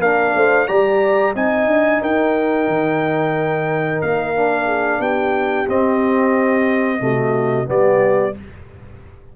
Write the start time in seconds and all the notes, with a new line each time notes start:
0.00 A#3 D4 A#4 F5
0.35 A3 C5
0.68 G3 G4 D5 A#5
1.35 C4 D#4 D#5 G#5
1.67 D4
2.02 D#4 A#4 G5
2.68 D#3
4.02 A#3 F5
4.35 D4
4.66 G#4
5.00 B3 G4 G5
5.67 C4 D#5
7.00 C3 A3 F#4
7.66 G3 B3 G4 D5